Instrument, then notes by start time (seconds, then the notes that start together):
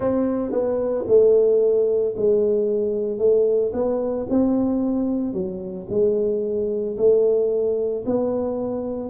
tuba
0.00 C4
0.51 B3
1.07 A3
2.16 G#3
3.18 A3
3.73 B3
4.29 C4
5.33 F#3
5.89 G#3
6.97 A3
8.05 B3